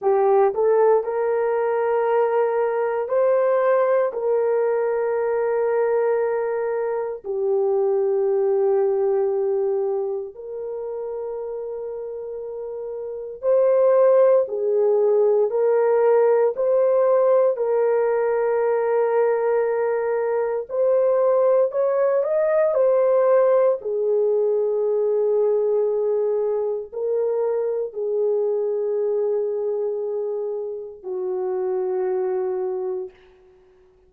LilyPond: \new Staff \with { instrumentName = "horn" } { \time 4/4 \tempo 4 = 58 g'8 a'8 ais'2 c''4 | ais'2. g'4~ | g'2 ais'2~ | ais'4 c''4 gis'4 ais'4 |
c''4 ais'2. | c''4 cis''8 dis''8 c''4 gis'4~ | gis'2 ais'4 gis'4~ | gis'2 fis'2 | }